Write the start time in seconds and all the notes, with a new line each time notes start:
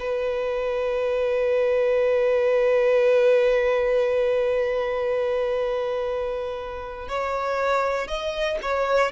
0.00 B4
7.09 C#5
8.08 D#5
8.63 C#5